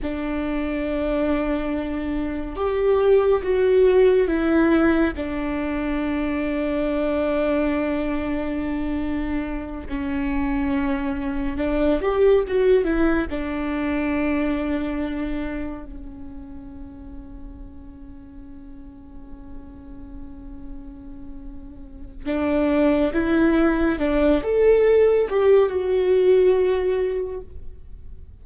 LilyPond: \new Staff \with { instrumentName = "viola" } { \time 4/4 \tempo 4 = 70 d'2. g'4 | fis'4 e'4 d'2~ | d'2.~ d'8 cis'8~ | cis'4. d'8 g'8 fis'8 e'8 d'8~ |
d'2~ d'8 cis'4.~ | cis'1~ | cis'2 d'4 e'4 | d'8 a'4 g'8 fis'2 | }